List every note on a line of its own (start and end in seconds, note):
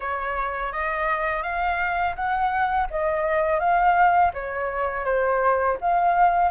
0.00 0.72 C#5
0.72 1.42 D#5
1.42 2.15 F5
2.15 2.87 F#5
2.90 3.59 D#5
3.59 4.31 F5
4.33 5.04 C#5
5.04 5.77 C5
5.81 6.51 F5